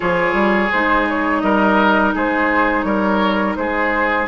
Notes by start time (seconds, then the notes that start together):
0.00 F3 F4 G#4 C#5
0.33 G3
0.72 G#3 D#4 C5
1.09 C#5
1.40 G3 A#4 D#5
2.14 G#3 G#4 C5
2.82 G3 A#4 C#5
3.56 G#3 G#4 C5